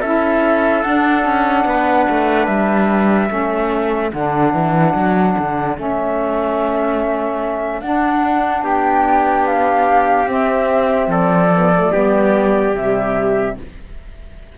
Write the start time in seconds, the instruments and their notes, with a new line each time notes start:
0.00 cello C#4, saxophone E4, trumpet A4, flute E5
0.83 cello D4, saxophone D4, flute F#5
1.25 cello C#4
1.65 cello B3, trumpet B4
2.09 cello A3
2.46 cello G3, flute E5
3.28 cello A3, saxophone C#4, trumpet A4
4.13 cello D3, saxophone D4, flute F#5
4.53 cello E3
4.95 cello F#3
5.38 cello D3
5.76 cello A3, saxophone C#4, flute E5
7.81 cello D4, saxophone D4, flute F#5
8.62 cello B3, trumpet G4, flute G5
9.47 flute F5
10.26 saxophone C4, cello C4, flute E5
11.07 cello F3, trumpet A4, flute D5
11.53 saxophone B3
11.75 saxophone A3
11.92 cello G3, saxophone B3, trumpet G4
12.74 cello C3, saxophone G3, flute E5